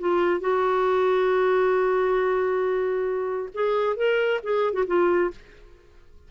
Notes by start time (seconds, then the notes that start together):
0.00 F4
0.41 F#4
3.54 G#4
3.96 A#4
4.43 G#4
4.73 F#4
4.87 F4